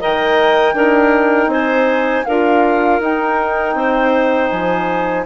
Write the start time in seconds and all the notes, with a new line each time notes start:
0.00 D#3 A#4 D#5 G5
0.73 D4 D#4 A#4
1.47 C4 C5 G#5
2.25 D4 F4 A#4 F5
3.00 D#4 G5
3.74 C4 C5
4.50 F3 G#5